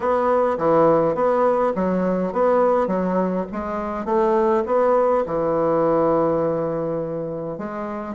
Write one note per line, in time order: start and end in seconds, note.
0.00 0.57 B3
0.58 1.14 E3
1.14 1.73 B3
1.75 2.32 F#3
2.32 2.87 B3
2.87 3.45 F#3
3.51 4.05 G#3
4.05 4.63 A3
4.66 5.24 B3
5.26 7.58 E3
7.58 8.14 G#3